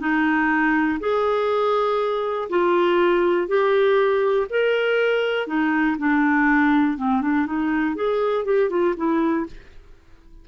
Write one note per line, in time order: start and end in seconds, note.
0.00 0.99 D#4
1.00 2.49 G#4
2.50 3.48 F4
3.48 4.47 G4
4.50 5.47 A#4
5.47 5.97 D#4
5.99 6.98 D4
6.98 7.22 C4
7.22 7.47 D4
7.47 7.96 D#4
7.96 8.45 G#4
8.45 8.70 G4
8.70 8.95 F4
8.97 9.46 E4